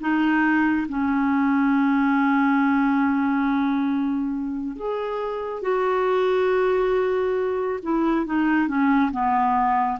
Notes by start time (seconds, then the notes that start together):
0.00 D#4
0.88 C#4
4.76 G#4
5.62 F#4
7.82 E4
8.26 D#4
8.67 C#4
9.12 B3